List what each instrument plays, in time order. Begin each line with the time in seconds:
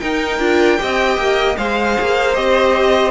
0.00 viola D#4, cello D#4, violin A#4 G5
0.39 cello D4, viola F4
0.78 cello C4, viola G4, violin D#5
1.17 cello A#3
1.57 cello G#3, viola G#4, violin C5 F5
2.00 cello A#3
2.35 cello C4, viola G4, violin D#5